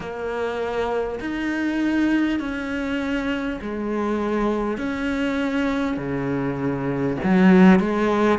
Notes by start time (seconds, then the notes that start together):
0.00 A#3
1.20 D#4
2.39 C#4
3.61 G#3
4.77 C#4
5.97 C#3
7.23 F#3
7.79 G#3